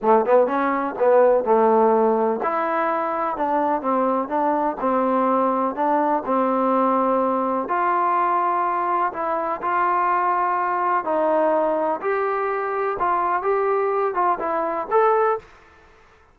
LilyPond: \new Staff \with { instrumentName = "trombone" } { \time 4/4 \tempo 4 = 125 a8 b8 cis'4 b4 a4~ | a4 e'2 d'4 | c'4 d'4 c'2 | d'4 c'2. |
f'2. e'4 | f'2. dis'4~ | dis'4 g'2 f'4 | g'4. f'8 e'4 a'4 | }